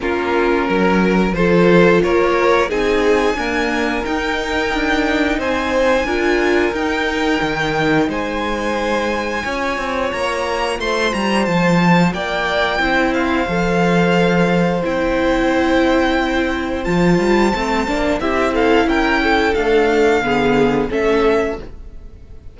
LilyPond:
<<
  \new Staff \with { instrumentName = "violin" } { \time 4/4 \tempo 4 = 89 ais'2 c''4 cis''4 | gis''2 g''2 | gis''2 g''2 | gis''2. ais''4 |
c'''8 ais''8 a''4 g''4. f''8~ | f''2 g''2~ | g''4 a''2 e''8 f''8 | g''4 f''2 e''4 | }
  \new Staff \with { instrumentName = "violin" } { \time 4/4 f'4 ais'4 a'4 ais'4 | gis'4 ais'2. | c''4 ais'2. | c''2 cis''2 |
c''2 d''4 c''4~ | c''1~ | c''2. g'8 a'8 | ais'8 a'4. gis'4 a'4 | }
  \new Staff \with { instrumentName = "viola" } { \time 4/4 cis'2 f'2 | dis'4 ais4 dis'2~ | dis'4 f'4 dis'2~ | dis'2 f'2~ |
f'2. e'4 | a'2 e'2~ | e'4 f'4 c'8 d'8 e'4~ | e'4 a4 b4 cis'4 | }
  \new Staff \with { instrumentName = "cello" } { \time 4/4 ais4 fis4 f4 ais4 | c'4 d'4 dis'4 d'4 | c'4 d'4 dis'4 dis4 | gis2 cis'8 c'8 ais4 |
a8 g8 f4 ais4 c'4 | f2 c'2~ | c'4 f8 g8 a8 ais8 c'4 | cis'4 d'4 d4 a4 | }
>>